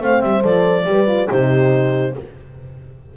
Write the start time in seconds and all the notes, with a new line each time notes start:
0.00 A3 C4 C5 F5
0.21 G3 E5
0.41 F3 A4 D5
0.85 G3 G4 B4
1.06 F4
1.29 C3 D#4 G4 C5